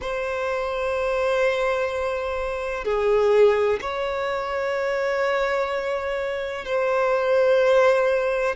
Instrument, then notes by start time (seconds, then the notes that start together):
violin
0.01 C5
2.84 G#4
3.81 C#5
6.65 C5